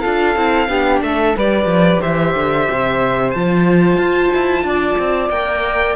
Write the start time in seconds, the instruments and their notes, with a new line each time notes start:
0.00 cello D4, viola F4, flute A4, violin F5
0.35 cello C4, viola E4
0.68 cello B3, viola D4, flute G4
1.02 cello A3, flute A4, violin E5
1.36 cello G3, viola G4, flute B4, violin D5
1.65 cello F3
2.01 cello E3, flute C5, violin E5
2.35 cello D3
2.70 cello C3
3.31 cello F3, viola F4, violin A5
3.97 cello F4
4.34 cello E4
4.63 cello D4, flute D5
4.98 cello C4
5.29 cello A#3, viola A#4, violin G5